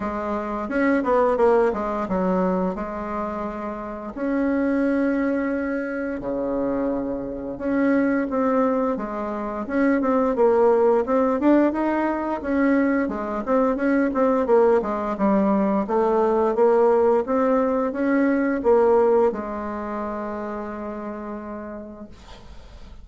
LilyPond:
\new Staff \with { instrumentName = "bassoon" } { \time 4/4 \tempo 4 = 87 gis4 cis'8 b8 ais8 gis8 fis4 | gis2 cis'2~ | cis'4 cis2 cis'4 | c'4 gis4 cis'8 c'8 ais4 |
c'8 d'8 dis'4 cis'4 gis8 c'8 | cis'8 c'8 ais8 gis8 g4 a4 | ais4 c'4 cis'4 ais4 | gis1 | }